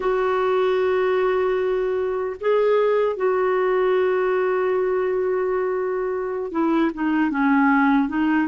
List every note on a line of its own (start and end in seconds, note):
0.00 2.36 F#4
2.40 3.16 G#4
3.16 6.51 F#4
6.51 6.91 E4
6.93 7.30 D#4
7.30 8.08 C#4
8.08 8.48 D#4